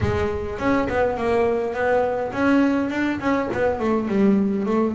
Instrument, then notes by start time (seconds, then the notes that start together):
double bass
0.00 G#3
0.58 C#4
0.89 B3
1.17 A#3
1.73 B3
2.32 C#4
2.90 D4
3.19 C#4
3.53 B3
3.79 A3
4.08 G3
4.66 A3